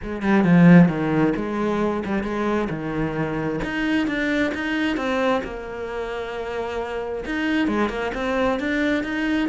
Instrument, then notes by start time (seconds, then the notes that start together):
cello
0.02 G#3
0.22 G3
0.44 F3
0.88 D#3
1.36 G#3
2.05 G3
2.23 G#3
2.69 D#3
3.64 D#4
4.07 D4
4.54 D#4
4.96 C4
5.44 A#3
7.25 D#4
7.67 G#3
7.89 A#3
8.14 C4
8.59 D4
9.03 D#4